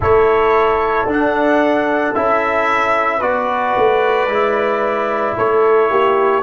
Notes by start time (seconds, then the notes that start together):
0.00 A3 E4 A4 C#5
1.05 D4
1.12 F#5
2.14 C#4 E4 E5
3.18 B3 F#4 B4 D5
3.76 A3
4.27 G#3 E4
5.37 A3 A4 C#5
5.89 A#3 G4